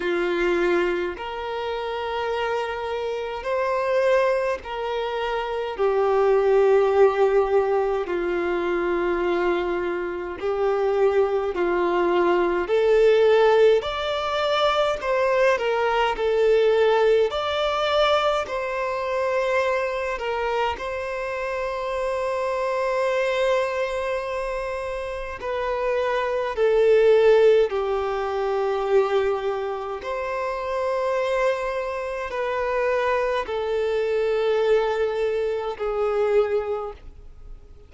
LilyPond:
\new Staff \with { instrumentName = "violin" } { \time 4/4 \tempo 4 = 52 f'4 ais'2 c''4 | ais'4 g'2 f'4~ | f'4 g'4 f'4 a'4 | d''4 c''8 ais'8 a'4 d''4 |
c''4. ais'8 c''2~ | c''2 b'4 a'4 | g'2 c''2 | b'4 a'2 gis'4 | }